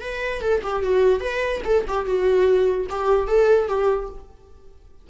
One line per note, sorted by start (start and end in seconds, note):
0.00 0.41 B4
0.41 0.61 A4
0.63 0.82 G4
0.82 1.20 F#4
1.20 1.61 B4
1.64 1.85 A4
1.87 2.05 G4
2.05 2.87 F#4
2.89 3.27 G4
3.27 3.68 A4
3.68 4.09 G4